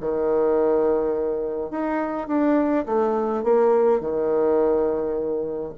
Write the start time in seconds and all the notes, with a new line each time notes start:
0.00 D#3
1.70 D#4
2.27 D4
2.85 A3
3.43 A#3
4.00 D#3